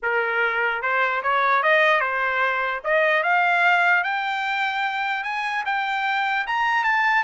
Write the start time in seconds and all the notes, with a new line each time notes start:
0.02 A#4
0.81 C5
1.22 C#5
1.62 D#5
2.00 C5
2.84 D#5
3.23 F5
4.03 G5
5.23 G#5
5.65 G5
6.46 A#5
6.83 A5